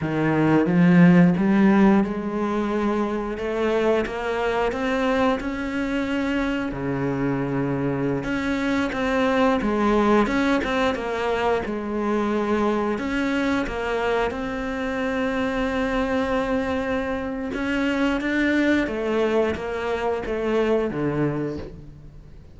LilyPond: \new Staff \with { instrumentName = "cello" } { \time 4/4 \tempo 4 = 89 dis4 f4 g4 gis4~ | gis4 a4 ais4 c'4 | cis'2 cis2~ | cis16 cis'4 c'4 gis4 cis'8 c'16~ |
c'16 ais4 gis2 cis'8.~ | cis'16 ais4 c'2~ c'8.~ | c'2 cis'4 d'4 | a4 ais4 a4 d4 | }